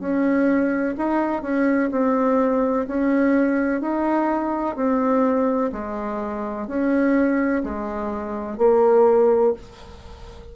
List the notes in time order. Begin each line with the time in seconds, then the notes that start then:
0.00 C#4
0.98 D#4
1.42 C#4
1.92 C4
2.88 C#4
3.81 D#4
4.76 C4
5.72 G#3
6.68 C#4
7.64 G#3
8.58 A#3